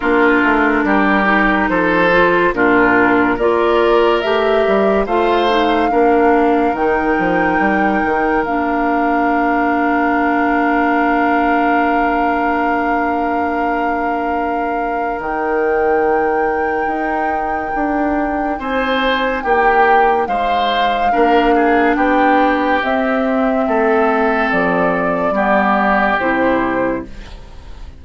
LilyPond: <<
  \new Staff \with { instrumentName = "flute" } { \time 4/4 \tempo 4 = 71 ais'2 c''4 ais'4 | d''4 e''4 f''2 | g''2 f''2~ | f''1~ |
f''2 g''2~ | g''2 gis''4 g''4 | f''2 g''4 e''4~ | e''4 d''2 c''4 | }
  \new Staff \with { instrumentName = "oboe" } { \time 4/4 f'4 g'4 a'4 f'4 | ais'2 c''4 ais'4~ | ais'1~ | ais'1~ |
ais'1~ | ais'2 c''4 g'4 | c''4 ais'8 gis'8 g'2 | a'2 g'2 | }
  \new Staff \with { instrumentName = "clarinet" } { \time 4/4 d'4. dis'4 f'8 d'4 | f'4 g'4 f'8 dis'8 d'4 | dis'2 d'2~ | d'1~ |
d'2 dis'2~ | dis'1~ | dis'4 d'2 c'4~ | c'2 b4 e'4 | }
  \new Staff \with { instrumentName = "bassoon" } { \time 4/4 ais8 a8 g4 f4 ais,4 | ais4 a8 g8 a4 ais4 | dis8 f8 g8 dis8 ais2~ | ais1~ |
ais2 dis2 | dis'4 d'4 c'4 ais4 | gis4 ais4 b4 c'4 | a4 f4 g4 c4 | }
>>